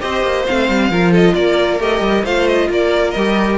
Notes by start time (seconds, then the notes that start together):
0.00 C4 G4 C5 D#5
0.23 A#3
0.47 A3 C4 F5
0.69 G3
0.90 F3 F4 A#4
1.12 A4 D#5
1.35 A#3 A#4 D5
1.80 A3 G4 D#5
2.01 G3
2.24 A3 F4 C5 F5
2.48 D#5
2.70 A#3 A#4 D5
3.11 G3 D#5
3.17 G4